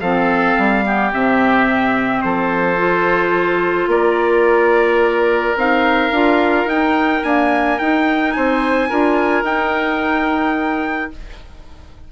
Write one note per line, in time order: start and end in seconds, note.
0.00 0.56 F3
0.00 0.84 C4
0.00 0.84 A4
0.00 1.11 F5
0.57 1.13 G3
0.84 1.12 B3
0.84 2.24 G4
1.13 2.24 C3
1.13 2.77 C4
1.13 2.21 E5
2.21 3.87 F3
2.21 3.90 A4
2.21 3.88 C5
2.77 5.55 F4
3.87 5.54 A#3
3.87 8.34 A#4
3.87 5.57 D5
5.56 6.11 C4
5.56 6.13 D#4
5.56 6.69 F5
6.11 6.65 D4
6.11 6.68 F4
6.65 7.20 D#4
6.65 7.24 D#4
6.65 7.23 G5
7.23 7.79 A#3
7.23 7.79 D4
7.23 7.78 G#5
7.78 8.35 D#4
7.78 8.89 D#4
7.78 8.32 G5
8.32 8.91 C4
8.32 8.89 C5
8.32 9.43 G#5
8.89 9.43 D4
8.89 9.44 F4
8.89 11.11 A#4
9.43 11.09 D#4
9.43 11.11 D#4
9.43 11.11 G5